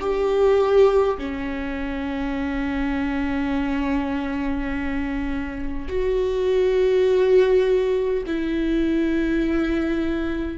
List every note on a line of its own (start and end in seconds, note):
0.00 1.18 G4
1.18 5.88 C#4
5.88 8.24 F#4
8.27 10.58 E4